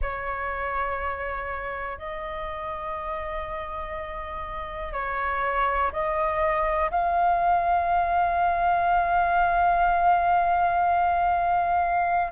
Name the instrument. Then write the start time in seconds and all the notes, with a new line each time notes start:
flute
0.01 C#5
1.98 D#5
4.92 C#5
5.92 D#5
6.91 F5